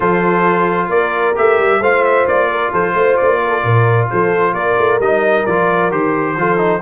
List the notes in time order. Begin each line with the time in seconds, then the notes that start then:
0.00 F3 F4 A4 C5
0.88 A#3 A#4 D5
1.35 A3 G4 E5
1.58 G3
1.80 A3 F4 C5 F5
2.04 E5
2.26 A#3 D5
2.50 A#4
2.72 F3 A4 C5
2.94 A3 C5
3.16 A#3 D5
3.43 A4 A#4
3.63 A#2 A#4
4.10 F3 A4 C5
4.53 A#3 A#4 D5
4.78 A3
4.99 G3 D#4 D#5
5.45 F3 F4 D5
5.91 D#3 G4 C5
6.36 F3 F4 A4
6.57 D#4